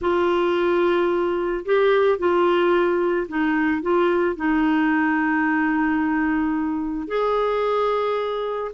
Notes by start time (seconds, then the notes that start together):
0.01 F4
1.65 G4
2.18 F4
3.28 D#4
3.82 F4
4.36 D#4
7.07 G#4